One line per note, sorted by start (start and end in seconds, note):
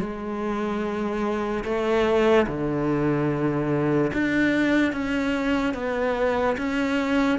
0.00 1.64 G#3
1.65 2.47 A3
2.48 4.12 D3
4.14 4.93 D4
4.93 5.75 C#4
5.75 6.57 B3
6.58 7.39 C#4